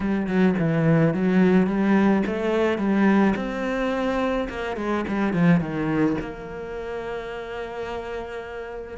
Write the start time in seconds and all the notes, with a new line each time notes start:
0.00 G3
0.27 F#3
0.59 E3
1.14 F#3
1.66 G3
2.26 A3
2.78 G3
3.36 C4
4.49 A#3
4.76 G#3
5.08 G3
5.33 F3
5.60 D#3
6.20 A#3